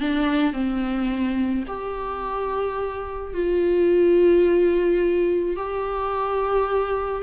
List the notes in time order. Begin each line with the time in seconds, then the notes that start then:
0.00 D4
0.53 C4
1.67 G4
3.34 F4
5.56 G4